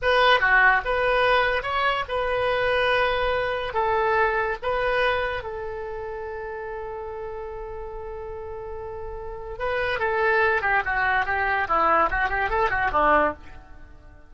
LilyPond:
\new Staff \with { instrumentName = "oboe" } { \time 4/4 \tempo 4 = 144 b'4 fis'4 b'2 | cis''4 b'2.~ | b'4 a'2 b'4~ | b'4 a'2.~ |
a'1~ | a'2. b'4 | a'4. g'8 fis'4 g'4 | e'4 fis'8 g'8 a'8 fis'8 d'4 | }